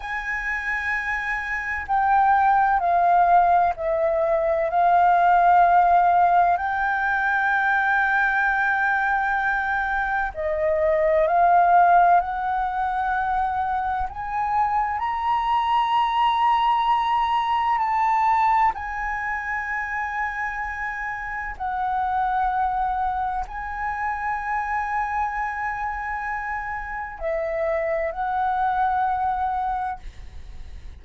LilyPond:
\new Staff \with { instrumentName = "flute" } { \time 4/4 \tempo 4 = 64 gis''2 g''4 f''4 | e''4 f''2 g''4~ | g''2. dis''4 | f''4 fis''2 gis''4 |
ais''2. a''4 | gis''2. fis''4~ | fis''4 gis''2.~ | gis''4 e''4 fis''2 | }